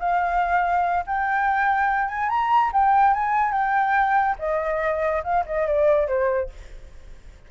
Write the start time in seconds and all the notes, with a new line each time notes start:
0.00 F5
1.07 G5
2.09 G#5
2.29 A#5
2.73 G5
3.14 G#5
3.52 G5
4.39 D#5
5.24 F5
5.47 D#5
5.67 D5
6.08 C5